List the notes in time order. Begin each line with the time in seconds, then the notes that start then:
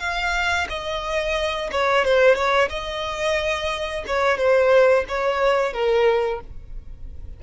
0.00 F5
0.70 D#5
1.72 C#5
2.05 C5
2.35 C#5
2.70 D#5
4.07 C#5
4.38 C5
5.09 C#5
5.73 A#4